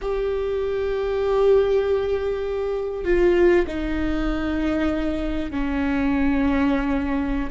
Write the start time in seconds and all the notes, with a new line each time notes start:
0.01 G4
3.04 F4
3.67 D#4
5.50 C#4